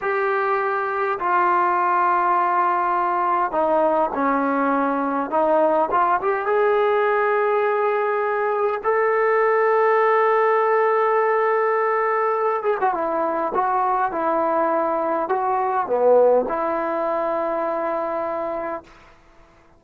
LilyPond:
\new Staff \with { instrumentName = "trombone" } { \time 4/4 \tempo 4 = 102 g'2 f'2~ | f'2 dis'4 cis'4~ | cis'4 dis'4 f'8 g'8 gis'4~ | gis'2. a'4~ |
a'1~ | a'4. gis'16 fis'16 e'4 fis'4 | e'2 fis'4 b4 | e'1 | }